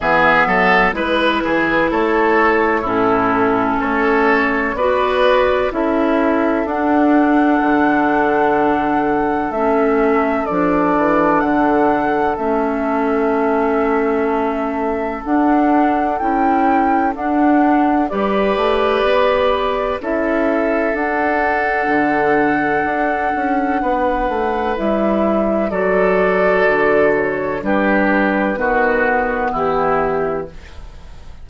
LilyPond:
<<
  \new Staff \with { instrumentName = "flute" } { \time 4/4 \tempo 4 = 63 e''4 b'4 cis''4 a'4 | cis''4 d''4 e''4 fis''4~ | fis''2 e''4 d''4 | fis''4 e''2. |
fis''4 g''4 fis''4 d''4~ | d''4 e''4 fis''2~ | fis''2 e''4 d''4~ | d''8 cis''8 b'2 g'4 | }
  \new Staff \with { instrumentName = "oboe" } { \time 4/4 gis'8 a'8 b'8 gis'8 a'4 e'4 | a'4 b'4 a'2~ | a'1~ | a'1~ |
a'2. b'4~ | b'4 a'2.~ | a'4 b'2 a'4~ | a'4 g'4 fis'4 e'4 | }
  \new Staff \with { instrumentName = "clarinet" } { \time 4/4 b4 e'2 cis'4~ | cis'4 fis'4 e'4 d'4~ | d'2 cis'4 d'4~ | d'4 cis'2. |
d'4 e'4 d'4 g'4~ | g'4 e'4 d'2~ | d'2 e'4 fis'4~ | fis'4 d'4 b2 | }
  \new Staff \with { instrumentName = "bassoon" } { \time 4/4 e8 fis8 gis8 e8 a4 a,4 | a4 b4 cis'4 d'4 | d2 a4 f8 e8 | d4 a2. |
d'4 cis'4 d'4 g8 a8 | b4 cis'4 d'4 d4 | d'8 cis'8 b8 a8 g4 fis4 | d4 g4 dis4 e4 | }
>>